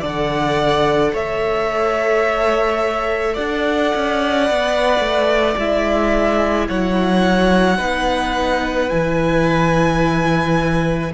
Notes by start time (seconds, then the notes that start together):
0.00 D3 A4 D5 F#5
1.12 A3 C#5 E5
3.34 D4 D5 F#5
3.95 C#4
4.44 B3 B4
4.99 A3
5.57 G#3 E4 E5
6.68 F#3 C#5 F#5
7.77 B3 D#4 B4
8.89 E3 E4 G#5